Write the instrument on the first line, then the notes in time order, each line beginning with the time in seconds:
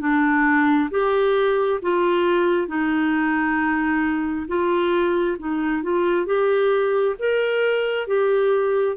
clarinet
0.00 D4
0.90 G4
1.82 F4
2.67 D#4
4.47 F4
5.39 D#4
5.82 F4
6.26 G4
7.18 A#4
8.07 G4